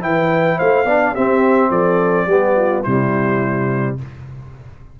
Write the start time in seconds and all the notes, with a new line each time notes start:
0.00 E3 E4 B4 G5
0.57 A3 C5 F5
0.85 B3 D4 D5
1.13 C4 G4 E5
1.70 F3 A4 D5
2.26 G3 B3 G4
2.56 F4
2.83 C3 G3 E4 C5